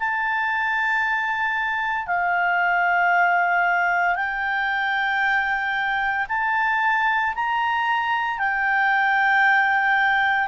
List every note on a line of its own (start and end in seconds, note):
0.00 2.07 A5
2.07 4.16 F5
4.16 6.26 G5
6.29 7.34 A5
7.35 8.39 A#5
8.39 10.48 G5